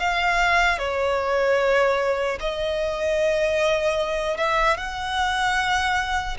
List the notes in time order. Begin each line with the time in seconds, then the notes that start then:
0.00 F5
0.79 C#5
2.40 D#5
4.37 E5
4.77 F#5